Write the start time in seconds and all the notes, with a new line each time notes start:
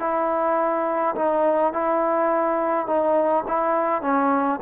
0.00 E4
1.16 D#4
1.73 E4
2.87 D#4
3.48 E4
4.02 C#4